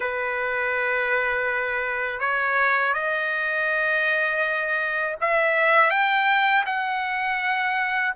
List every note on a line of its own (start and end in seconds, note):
0.00 2.20 B4
2.20 2.93 C#5
2.93 5.15 D#5
5.21 5.90 E5
5.90 6.64 G5
6.65 8.13 F#5